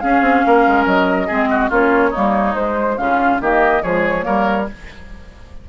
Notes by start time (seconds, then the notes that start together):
0.00 C#4 G#4 F5
0.21 C4
0.46 A#3 A#4
0.67 G#3
0.86 F#3 D#5
1.27 G#3 C4 G#4
1.50 F#4
1.69 A#3 C#4 F4 C#5
2.10 A#3 D#4
2.17 G3
2.55 G#3 C5
2.98 C#3 C#4 F4 F5
3.41 D#3 A#3 G4 D#5
3.82 F3 G#3 G#4 C#5
4.21 G3 A#3 A#4